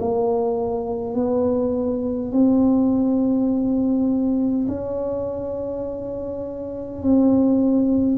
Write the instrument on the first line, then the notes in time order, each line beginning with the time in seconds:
tuba
0.00 A#3
1.15 B3
2.33 C4
4.68 C#4
7.03 C4